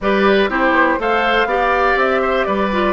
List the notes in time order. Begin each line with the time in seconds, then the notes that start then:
0.00 G3 G4 B4 D5
0.48 C4 E4 G4 C5
0.71 B3
0.98 A3 A4 C5 F5
1.45 B3 G4 D5
1.96 C4 E5
2.21 C5
2.45 G3 B4 D5
2.72 F4